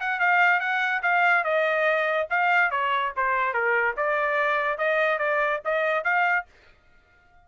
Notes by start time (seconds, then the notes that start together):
0.00 F#5
0.19 F5
0.60 F#5
1.02 F5
1.44 D#5
2.30 F5
2.71 C#5
3.16 C5
3.54 A#4
3.97 D5
4.78 D#5
5.19 D5
5.65 D#5
6.04 F5